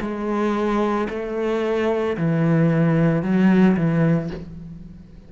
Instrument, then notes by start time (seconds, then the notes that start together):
cello
0.00 G#3
1.09 A3
2.17 E3
3.22 F#3
3.76 E3